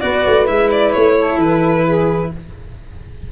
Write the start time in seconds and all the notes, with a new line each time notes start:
0.00 B3 F#4 B4 D5
0.26 A3
0.45 G#3 E4 E5
0.71 D5
0.92 A3 C#5
1.16 A4
1.37 E3 B4
1.85 G#4